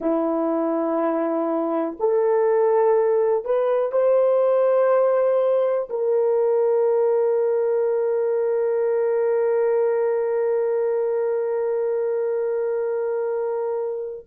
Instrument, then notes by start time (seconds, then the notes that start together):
horn
0.00 E4
1.99 A4
3.44 B4
3.92 C5
5.89 A#4